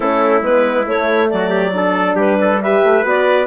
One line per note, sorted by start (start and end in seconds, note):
0.00 0.41 A3
0.00 0.41 C#4
0.00 1.31 E4
0.00 0.42 A4
0.41 0.85 G#3
0.41 0.84 B3
0.41 0.87 B4
0.84 1.71 A3
0.84 1.29 C#5
0.90 1.32 A3
1.29 2.14 F#3
1.29 1.49 F#4
1.29 2.16 D5
1.49 1.71 G4
1.73 2.60 D4
1.73 2.15 A4
2.14 2.80 G3
2.14 2.37 G4
2.14 2.62 B4
2.40 2.62 A4
2.62 3.03 G4
2.62 3.46 B4
2.62 3.05 E5
2.83 3.03 A3
3.03 3.46 B3
3.03 3.46 F#4
3.03 3.46 D5